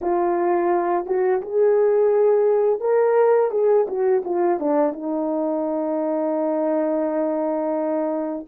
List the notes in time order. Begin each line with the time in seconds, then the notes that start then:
0.01 F4
1.06 F#4
1.41 G#4
2.80 A#4
3.51 G#4
3.87 F#4
4.24 F4
4.59 D4
4.92 D#4